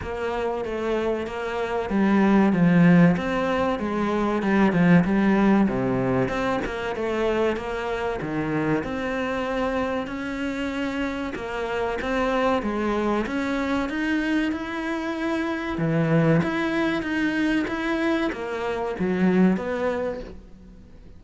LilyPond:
\new Staff \with { instrumentName = "cello" } { \time 4/4 \tempo 4 = 95 ais4 a4 ais4 g4 | f4 c'4 gis4 g8 f8 | g4 c4 c'8 ais8 a4 | ais4 dis4 c'2 |
cis'2 ais4 c'4 | gis4 cis'4 dis'4 e'4~ | e'4 e4 e'4 dis'4 | e'4 ais4 fis4 b4 | }